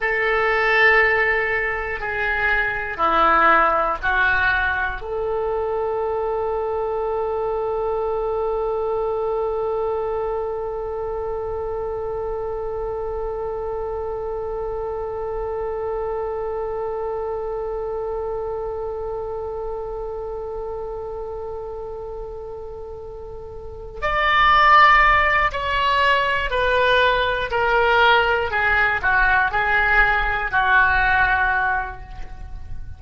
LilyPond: \new Staff \with { instrumentName = "oboe" } { \time 4/4 \tempo 4 = 60 a'2 gis'4 e'4 | fis'4 a'2.~ | a'1~ | a'1~ |
a'1~ | a'1 | d''4. cis''4 b'4 ais'8~ | ais'8 gis'8 fis'8 gis'4 fis'4. | }